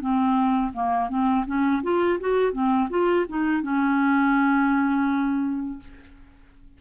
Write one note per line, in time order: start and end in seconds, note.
0.00 0.72 C4
0.73 1.09 A#3
1.09 1.45 C4
1.46 1.82 C#4
1.83 2.19 F4
2.20 2.52 F#4
2.52 2.88 C4
2.89 3.26 F4
3.29 3.62 D#4
3.62 5.79 C#4